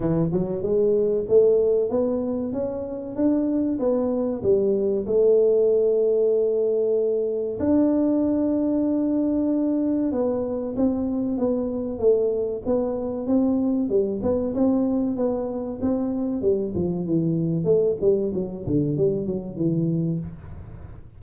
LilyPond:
\new Staff \with { instrumentName = "tuba" } { \time 4/4 \tempo 4 = 95 e8 fis8 gis4 a4 b4 | cis'4 d'4 b4 g4 | a1 | d'1 |
b4 c'4 b4 a4 | b4 c'4 g8 b8 c'4 | b4 c'4 g8 f8 e4 | a8 g8 fis8 d8 g8 fis8 e4 | }